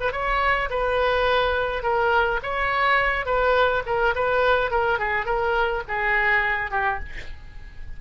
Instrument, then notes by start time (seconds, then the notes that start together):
oboe
0.00 B4
0.12 C#5
0.70 B4
1.82 A#4
2.42 C#5
3.25 B4
3.86 A#4
4.15 B4
4.71 A#4
4.99 G#4
5.25 A#4
5.88 G#4
6.70 G4